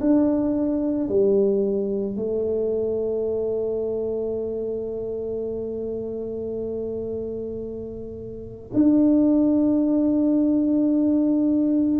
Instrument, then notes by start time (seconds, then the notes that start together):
tuba
0.00 D4
1.08 G3
2.16 A3
8.74 D4